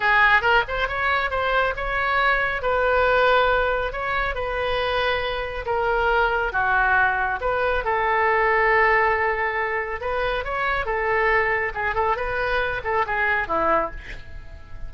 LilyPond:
\new Staff \with { instrumentName = "oboe" } { \time 4/4 \tempo 4 = 138 gis'4 ais'8 c''8 cis''4 c''4 | cis''2 b'2~ | b'4 cis''4 b'2~ | b'4 ais'2 fis'4~ |
fis'4 b'4 a'2~ | a'2. b'4 | cis''4 a'2 gis'8 a'8 | b'4. a'8 gis'4 e'4 | }